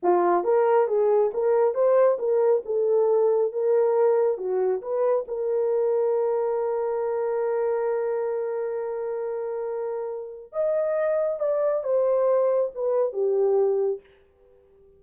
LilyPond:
\new Staff \with { instrumentName = "horn" } { \time 4/4 \tempo 4 = 137 f'4 ais'4 gis'4 ais'4 | c''4 ais'4 a'2 | ais'2 fis'4 b'4 | ais'1~ |
ais'1~ | ais'1 | dis''2 d''4 c''4~ | c''4 b'4 g'2 | }